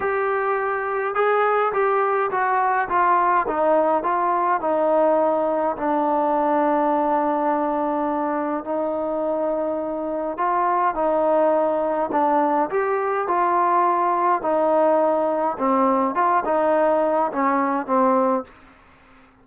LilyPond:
\new Staff \with { instrumentName = "trombone" } { \time 4/4 \tempo 4 = 104 g'2 gis'4 g'4 | fis'4 f'4 dis'4 f'4 | dis'2 d'2~ | d'2. dis'4~ |
dis'2 f'4 dis'4~ | dis'4 d'4 g'4 f'4~ | f'4 dis'2 c'4 | f'8 dis'4. cis'4 c'4 | }